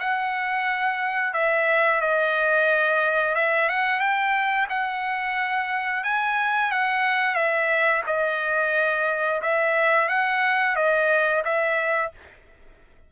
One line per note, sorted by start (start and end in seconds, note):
0.00 1.34 F#5
1.34 2.01 E5
2.01 3.36 D#5
3.36 3.69 E5
3.69 4.00 F#5
4.00 4.68 G5
4.70 6.04 F#5
6.04 6.72 G#5
6.72 7.35 F#5
7.35 8.03 E5
8.07 9.42 D#5
9.42 10.09 E5
10.09 10.76 F#5
10.76 11.44 D#5
11.45 12.12 E5